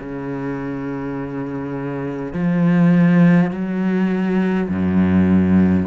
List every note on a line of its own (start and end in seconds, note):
0.00 2.34 C#3
2.34 3.51 F3
3.51 4.69 F#3
4.70 5.87 F#2